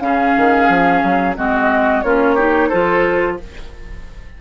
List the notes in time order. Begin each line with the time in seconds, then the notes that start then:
0.00 C#3 C#4 G#4 F5
0.37 D#3
0.69 F3
1.04 F#3
1.37 G#3 C4 F#4 D#5
2.02 A#3 C#4 F4 C#5
2.36 D#4 G4
2.69 F3 F4 A4 C5